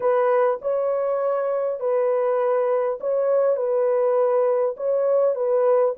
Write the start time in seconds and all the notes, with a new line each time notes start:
0.00 B4
0.61 C#5
1.80 B4
3.00 C#5
3.56 B4
4.76 C#5
5.35 B4